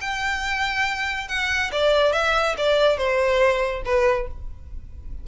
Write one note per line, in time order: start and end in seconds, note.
0.00 1.28 G5
1.28 1.70 F#5
1.72 2.12 D5
2.12 2.55 E5
2.57 2.97 D5
2.97 3.82 C5
3.85 4.27 B4